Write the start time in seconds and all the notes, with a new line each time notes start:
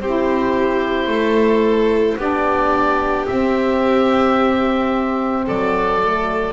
0.00 C4 E4 G4 C5
1.07 A3 A4
2.17 B3 D4 G4 D5
3.26 C4 E5
5.45 F#3 A4 D5
6.01 A3